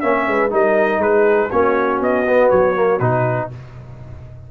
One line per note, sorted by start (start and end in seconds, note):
0.00 0.27 A#3
0.00 0.50 C#4
0.00 0.27 C#5
0.00 0.50 E5
0.27 0.52 G#3
0.27 0.52 B4
0.50 0.98 G3
0.50 1.49 D#4
0.50 1.02 A#4
0.50 1.01 D#5
0.98 1.48 G#3
0.98 1.49 G#4
0.98 1.50 B4
1.49 2.00 A#3
1.49 2.26 C#4
1.49 3.48 F#4
1.49 2.00 C#5
2.00 2.50 B3
2.00 2.49 D#5
2.27 2.75 B3
2.49 3.00 F#3
2.49 2.99 C#5
2.75 3.00 A#3
2.99 3.49 B2
2.99 3.51 D#4
2.99 3.49 B4